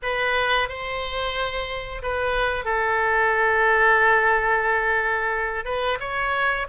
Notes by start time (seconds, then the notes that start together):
0.02 B4
0.68 C5
2.02 B4
2.65 A4
5.65 B4
6.00 C#5